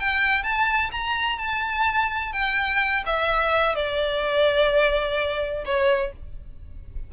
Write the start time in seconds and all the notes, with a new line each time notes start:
0.00 G5
0.44 A5
0.92 A#5
1.39 A5
2.33 G5
3.06 E5
3.76 D5
5.65 C#5